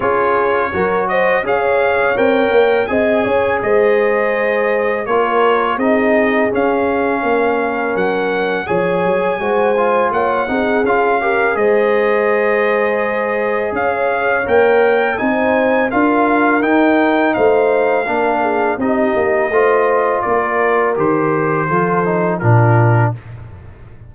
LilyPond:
<<
  \new Staff \with { instrumentName = "trumpet" } { \time 4/4 \tempo 4 = 83 cis''4. dis''8 f''4 g''4 | gis''4 dis''2 cis''4 | dis''4 f''2 fis''4 | gis''2 fis''4 f''4 |
dis''2. f''4 | g''4 gis''4 f''4 g''4 | f''2 dis''2 | d''4 c''2 ais'4 | }
  \new Staff \with { instrumentName = "horn" } { \time 4/4 gis'4 ais'8 c''8 cis''2 | dis''8 cis''8 c''2 ais'4 | gis'2 ais'2 | cis''4 c''4 cis''8 gis'4 ais'8 |
c''2. cis''4~ | cis''4 c''4 ais'2 | c''4 ais'8 gis'8 g'4 c''4 | ais'2 a'4 f'4 | }
  \new Staff \with { instrumentName = "trombone" } { \time 4/4 f'4 fis'4 gis'4 ais'4 | gis'2. f'4 | dis'4 cis'2. | gis'4 fis'8 f'4 dis'8 f'8 g'8 |
gis'1 | ais'4 dis'4 f'4 dis'4~ | dis'4 d'4 dis'4 f'4~ | f'4 g'4 f'8 dis'8 d'4 | }
  \new Staff \with { instrumentName = "tuba" } { \time 4/4 cis'4 fis4 cis'4 c'8 ais8 | c'8 cis'8 gis2 ais4 | c'4 cis'4 ais4 fis4 | f8 fis8 gis4 ais8 c'8 cis'4 |
gis2. cis'4 | ais4 c'4 d'4 dis'4 | a4 ais4 c'8 ais8 a4 | ais4 dis4 f4 ais,4 | }
>>